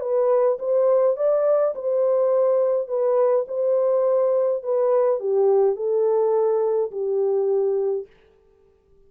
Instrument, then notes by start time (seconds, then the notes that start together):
horn
0.00 B4
0.58 C5
1.16 D5
1.75 C5
2.87 B4
3.47 C5
4.63 B4
5.19 G4
5.76 A4
6.91 G4